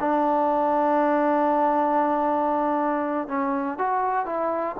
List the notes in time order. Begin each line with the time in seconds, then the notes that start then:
0.00 D4
3.28 C#4
3.78 F#4
4.26 E4